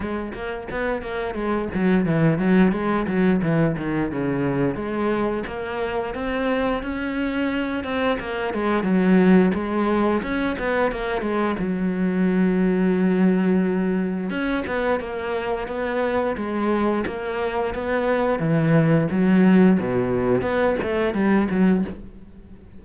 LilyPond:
\new Staff \with { instrumentName = "cello" } { \time 4/4 \tempo 4 = 88 gis8 ais8 b8 ais8 gis8 fis8 e8 fis8 | gis8 fis8 e8 dis8 cis4 gis4 | ais4 c'4 cis'4. c'8 | ais8 gis8 fis4 gis4 cis'8 b8 |
ais8 gis8 fis2.~ | fis4 cis'8 b8 ais4 b4 | gis4 ais4 b4 e4 | fis4 b,4 b8 a8 g8 fis8 | }